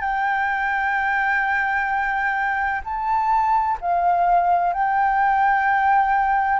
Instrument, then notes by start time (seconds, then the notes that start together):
flute
0.00 G5
2.84 A5
3.81 F5
4.73 G5